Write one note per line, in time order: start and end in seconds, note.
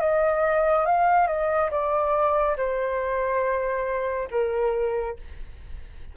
0.00 0.86 D#5
0.86 1.27 F5
1.27 1.70 D#5
1.71 2.57 D5
2.57 4.28 C5
4.31 5.17 A#4